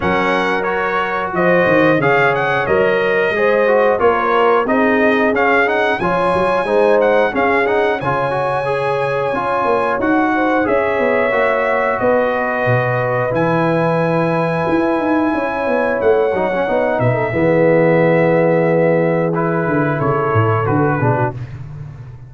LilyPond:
<<
  \new Staff \with { instrumentName = "trumpet" } { \time 4/4 \tempo 4 = 90 fis''4 cis''4 dis''4 f''8 fis''8 | dis''2 cis''4 dis''4 | f''8 fis''8 gis''4. fis''8 f''8 fis''8 | gis''2. fis''4 |
e''2 dis''2 | gis''1 | fis''4. e''2~ e''8~ | e''4 b'4 cis''4 b'4 | }
  \new Staff \with { instrumentName = "horn" } { \time 4/4 ais'2 c''4 cis''4~ | cis''4 c''4 ais'4 gis'4~ | gis'4 cis''4 c''4 gis'4 | cis''2.~ cis''8 c''8 |
cis''2 b'2~ | b'2. cis''4~ | cis''4. b'16 a'16 gis'2~ | gis'2 a'4. gis'16 fis'16 | }
  \new Staff \with { instrumentName = "trombone" } { \time 4/4 cis'4 fis'2 gis'4 | ais'4 gis'8 fis'8 f'4 dis'4 | cis'8 dis'8 f'4 dis'4 cis'8 dis'8 | f'8 fis'8 gis'4 f'4 fis'4 |
gis'4 fis'2. | e'1~ | e'8 dis'16 cis'16 dis'4 b2~ | b4 e'2 fis'8 d'8 | }
  \new Staff \with { instrumentName = "tuba" } { \time 4/4 fis2 f8 dis8 cis4 | fis4 gis4 ais4 c'4 | cis'4 f8 fis8 gis4 cis'4 | cis2 cis'8 ais8 dis'4 |
cis'8 b8 ais4 b4 b,4 | e2 e'8 dis'8 cis'8 b8 | a8 fis8 b8 b,8 e2~ | e4. d8 cis8 a,8 d8 b,8 | }
>>